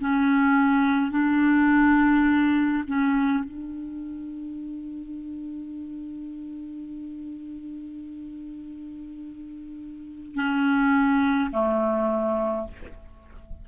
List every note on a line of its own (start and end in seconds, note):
0.00 1.11 C#4
1.11 2.84 D4
2.87 3.44 C#4
3.44 10.35 D4
10.35 11.50 C#4
11.52 12.67 A3